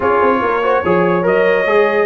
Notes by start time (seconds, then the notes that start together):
0.00 C#4 F4 G#4 C#5
0.21 C4
0.41 A#3 A#4
0.62 F#4 C5
0.83 F3 G#4 C#5
1.22 F#3 A#4 D#5
1.65 G#3 G#4